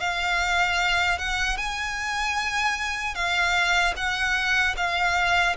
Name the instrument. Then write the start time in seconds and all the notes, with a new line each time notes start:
violin
0.00 F5
1.18 F#5
1.58 G#5
3.15 F5
3.97 F#5
4.77 F5